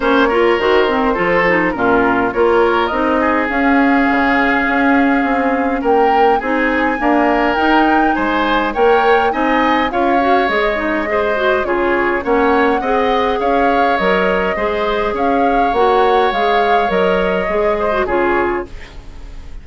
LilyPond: <<
  \new Staff \with { instrumentName = "flute" } { \time 4/4 \tempo 4 = 103 cis''4 c''2 ais'4 | cis''4 dis''4 f''2~ | f''2 g''4 gis''4~ | gis''4 g''4 gis''4 g''4 |
gis''4 f''4 dis''2 | cis''4 fis''2 f''4 | dis''2 f''4 fis''4 | f''4 dis''2 cis''4 | }
  \new Staff \with { instrumentName = "oboe" } { \time 4/4 c''8 ais'4. a'4 f'4 | ais'4. gis'2~ gis'8~ | gis'2 ais'4 gis'4 | ais'2 c''4 cis''4 |
dis''4 cis''2 c''4 | gis'4 cis''4 dis''4 cis''4~ | cis''4 c''4 cis''2~ | cis''2~ cis''8 c''8 gis'4 | }
  \new Staff \with { instrumentName = "clarinet" } { \time 4/4 cis'8 f'8 fis'8 c'8 f'8 dis'8 cis'4 | f'4 dis'4 cis'2~ | cis'2. dis'4 | ais4 dis'2 ais'4 |
dis'4 f'8 fis'8 gis'8 dis'8 gis'8 fis'8 | f'4 cis'4 gis'2 | ais'4 gis'2 fis'4 | gis'4 ais'4 gis'8. fis'16 f'4 | }
  \new Staff \with { instrumentName = "bassoon" } { \time 4/4 ais4 dis4 f4 ais,4 | ais4 c'4 cis'4 cis4 | cis'4 c'4 ais4 c'4 | d'4 dis'4 gis4 ais4 |
c'4 cis'4 gis2 | cis4 ais4 c'4 cis'4 | fis4 gis4 cis'4 ais4 | gis4 fis4 gis4 cis4 | }
>>